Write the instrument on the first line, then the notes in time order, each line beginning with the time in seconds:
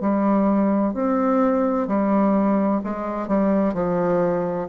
bassoon
0.00 G3
0.93 C4
1.87 G3
2.83 G#3
3.27 G3
3.74 F3